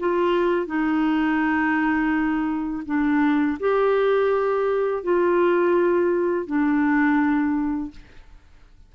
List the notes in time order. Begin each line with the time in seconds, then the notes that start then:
0.00 F4
0.67 D#4
2.86 D4
3.60 G4
5.03 F4
6.47 D4